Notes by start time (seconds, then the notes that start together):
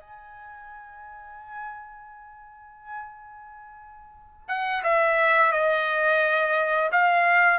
0.00 G#5
4.48 F#5
4.83 E5
5.52 D#5
6.91 F5